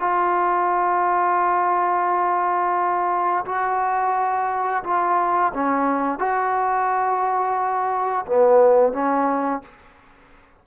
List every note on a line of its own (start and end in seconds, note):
0.00 3.45 F4
3.45 4.83 F#4
4.84 5.53 F4
5.54 6.19 C#4
6.19 8.26 F#4
8.26 8.93 B3
8.93 9.62 C#4